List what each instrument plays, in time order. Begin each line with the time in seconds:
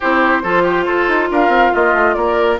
0.00 bassoon C4, clarinet E4, oboe G4, flute C5
0.43 bassoon F3, clarinet F4, oboe A4
0.62 oboe G4
0.85 bassoon F4, oboe A4
1.07 bassoon D#4
1.30 bassoon D4, oboe A#4, flute F5
1.48 bassoon C4
1.72 bassoon A#3, oboe F4, flute D#5
1.93 bassoon A3
2.14 bassoon A#3, oboe A#4, flute D5